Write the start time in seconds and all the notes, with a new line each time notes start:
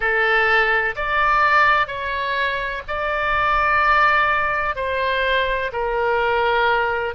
0.00 A4
0.95 D5
1.87 C#5
2.87 D5
4.75 C5
5.72 A#4